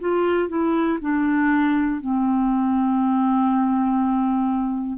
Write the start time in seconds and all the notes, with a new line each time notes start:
0.00 F4
0.49 E4
1.01 D4
2.00 C4